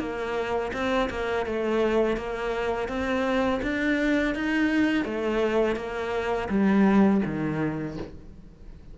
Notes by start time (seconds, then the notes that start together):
0.00 A#3
0.74 C4
1.10 A#3
1.46 A3
2.18 A#3
2.89 C4
3.63 D4
4.35 D#4
5.05 A3
5.77 A#3
6.50 G3
7.26 D#3